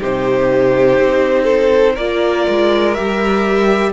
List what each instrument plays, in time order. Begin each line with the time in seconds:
0.00 cello C3, viola D#4, violin G4 C5
0.99 cello C4
1.44 violin A4
1.94 cello A#3, viola F4, violin A#4 D5
2.48 cello G#3
2.94 cello G3, viola G4, violin E5